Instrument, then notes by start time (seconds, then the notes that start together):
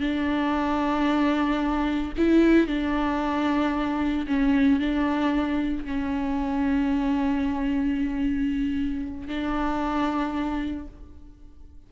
viola
0.00 D4
2.17 E4
2.67 D4
4.27 C#4
4.79 D4
5.85 C#4
9.28 D4